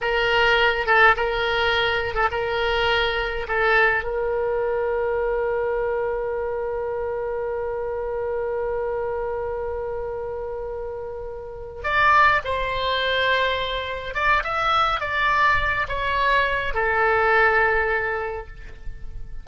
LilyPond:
\new Staff \with { instrumentName = "oboe" } { \time 4/4 \tempo 4 = 104 ais'4. a'8 ais'4.~ ais'16 a'16 | ais'2 a'4 ais'4~ | ais'1~ | ais'1~ |
ais'1~ | ais'8 d''4 c''2~ c''8~ | c''8 d''8 e''4 d''4. cis''8~ | cis''4 a'2. | }